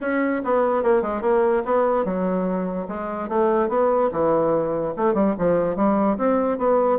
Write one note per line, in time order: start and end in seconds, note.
0.01 0.42 C#4
0.44 0.83 B3
0.83 1.02 A#3
1.02 1.21 G#3
1.21 1.62 A#3
1.65 2.05 B3
2.05 2.87 F#3
2.88 3.29 G#3
3.29 3.68 A3
3.68 4.09 B3
4.12 4.94 E3
4.96 5.14 A3
5.14 5.34 G3
5.38 5.76 F3
5.76 6.17 G3
6.17 6.58 C4
6.58 6.98 B3